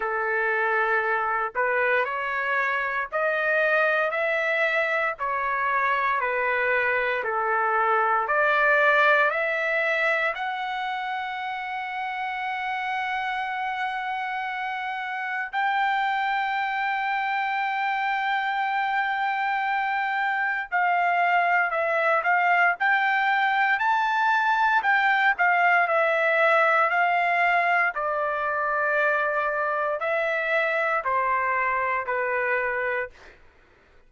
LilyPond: \new Staff \with { instrumentName = "trumpet" } { \time 4/4 \tempo 4 = 58 a'4. b'8 cis''4 dis''4 | e''4 cis''4 b'4 a'4 | d''4 e''4 fis''2~ | fis''2. g''4~ |
g''1 | f''4 e''8 f''8 g''4 a''4 | g''8 f''8 e''4 f''4 d''4~ | d''4 e''4 c''4 b'4 | }